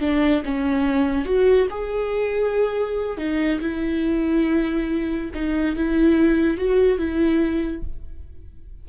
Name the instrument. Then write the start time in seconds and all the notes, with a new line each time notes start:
viola
0.00 D4
0.44 C#4
1.25 F#4
1.70 G#4
3.17 D#4
3.60 E4
5.34 D#4
5.75 E4
6.57 F#4
6.98 E4